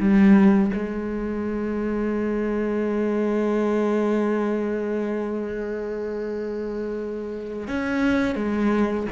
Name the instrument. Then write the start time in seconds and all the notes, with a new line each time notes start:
cello
0.00 G3
0.74 G#3
7.68 C#4
8.35 G#3